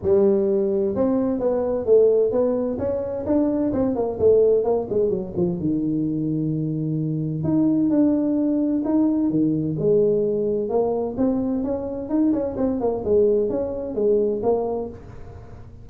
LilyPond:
\new Staff \with { instrumentName = "tuba" } { \time 4/4 \tempo 4 = 129 g2 c'4 b4 | a4 b4 cis'4 d'4 | c'8 ais8 a4 ais8 gis8 fis8 f8 | dis1 |
dis'4 d'2 dis'4 | dis4 gis2 ais4 | c'4 cis'4 dis'8 cis'8 c'8 ais8 | gis4 cis'4 gis4 ais4 | }